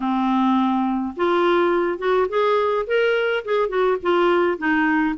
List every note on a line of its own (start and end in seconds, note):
0.00 1.14 C4
1.16 1.98 F4
1.98 2.27 F#4
2.28 2.85 G#4
2.86 3.44 A#4
3.44 3.68 G#4
3.68 3.97 F#4
4.02 4.57 F4
4.57 5.15 D#4